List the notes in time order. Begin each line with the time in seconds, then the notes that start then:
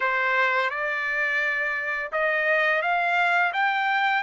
0.00 C5
0.70 D5
2.11 D#5
2.81 F5
3.53 G5